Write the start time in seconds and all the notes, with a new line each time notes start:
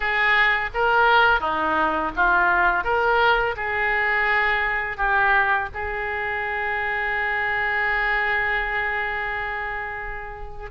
0.00 G#4
0.74 A#4
1.40 D#4
2.16 F4
2.83 A#4
3.56 G#4
4.97 G4
5.74 G#4